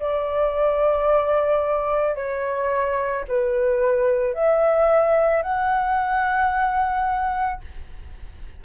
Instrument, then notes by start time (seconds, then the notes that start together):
flute
0.00 D5
2.16 C#5
3.28 B4
4.34 E5
5.43 F#5